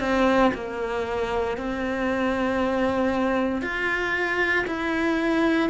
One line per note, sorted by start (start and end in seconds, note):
0.00 0.52 C4
0.55 1.58 A#3
1.58 3.62 C4
3.62 4.66 F4
4.67 5.70 E4